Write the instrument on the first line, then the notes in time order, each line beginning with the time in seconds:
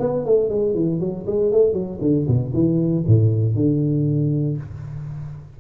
tuba
0.00 B3
0.25 A3
0.50 G#3
0.74 E3
1.00 F#3
1.27 G#3
1.52 A3
1.73 F#3
2.01 D3
2.27 B2
2.54 E3
3.07 A2
3.55 D3